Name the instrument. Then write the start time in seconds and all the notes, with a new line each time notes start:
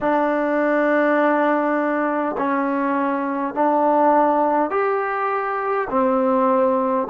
trombone
0.01 D4
2.37 C#4
3.54 D4
4.70 G4
5.90 C4